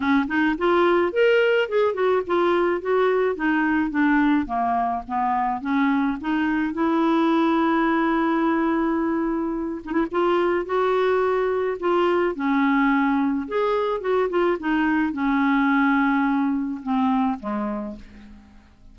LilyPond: \new Staff \with { instrumentName = "clarinet" } { \time 4/4 \tempo 4 = 107 cis'8 dis'8 f'4 ais'4 gis'8 fis'8 | f'4 fis'4 dis'4 d'4 | ais4 b4 cis'4 dis'4 | e'1~ |
e'4. dis'16 e'16 f'4 fis'4~ | fis'4 f'4 cis'2 | gis'4 fis'8 f'8 dis'4 cis'4~ | cis'2 c'4 gis4 | }